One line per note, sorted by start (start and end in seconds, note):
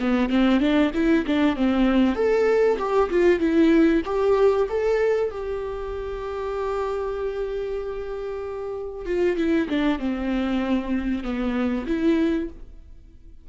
0.00 0.30 B3
0.30 0.60 C4
0.60 0.91 D4
0.94 1.25 E4
1.26 1.56 D4
1.56 2.15 C4
2.15 2.78 A4
2.79 3.10 G4
3.10 3.39 F4
3.39 4.02 E4
4.05 4.68 G4
4.70 5.31 A4
5.31 9.06 G4
9.06 9.37 F4
9.37 9.68 E4
9.69 9.99 D4
9.99 11.24 C4
11.24 11.86 B3
11.87 12.49 E4